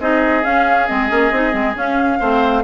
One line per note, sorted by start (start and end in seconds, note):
0.00 0.44 C4
0.00 0.44 D#4
0.00 2.20 G#4
0.00 0.44 D#5
0.44 0.88 C#4
0.44 0.88 F5
0.88 1.11 G#3
0.88 1.10 C4
0.88 1.76 D#5
1.10 1.32 A#3
1.10 1.32 C#4
1.32 1.53 C4
1.32 1.52 D#4
1.52 1.75 G#3
1.52 1.74 C4
1.75 2.19 C#4
1.75 2.64 F5
2.20 2.64 A3
2.20 2.64 C4
2.20 2.64 C5